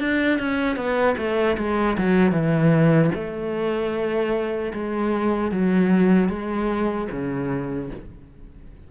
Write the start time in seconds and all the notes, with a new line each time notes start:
0.00 D4
0.39 C#4
0.76 B3
1.17 A3
1.58 G#3
1.98 F#3
2.31 E3
3.14 A3
4.73 G#3
5.51 F#3
6.29 G#3
7.11 C#3